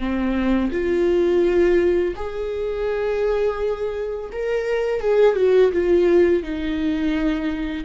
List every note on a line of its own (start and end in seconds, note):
0.00 0.71 C4
0.72 2.15 F4
2.16 4.31 G#4
4.33 5.01 A#4
5.01 5.36 G#4
5.36 5.72 F#4
5.72 6.44 F4
6.44 7.85 D#4